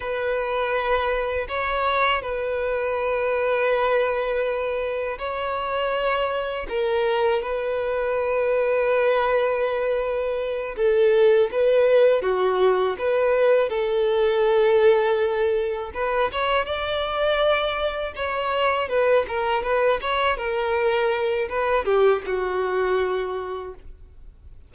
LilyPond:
\new Staff \with { instrumentName = "violin" } { \time 4/4 \tempo 4 = 81 b'2 cis''4 b'4~ | b'2. cis''4~ | cis''4 ais'4 b'2~ | b'2~ b'8 a'4 b'8~ |
b'8 fis'4 b'4 a'4.~ | a'4. b'8 cis''8 d''4.~ | d''8 cis''4 b'8 ais'8 b'8 cis''8 ais'8~ | ais'4 b'8 g'8 fis'2 | }